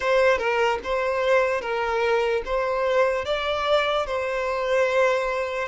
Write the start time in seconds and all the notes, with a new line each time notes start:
0.00 C5
0.38 A#4
0.83 C5
1.61 A#4
2.45 C5
3.25 D5
4.06 C5